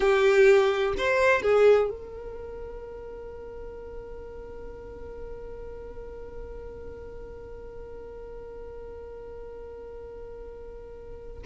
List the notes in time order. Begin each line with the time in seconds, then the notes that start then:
0.00 G4
0.97 C5
1.42 G#4
1.90 A#4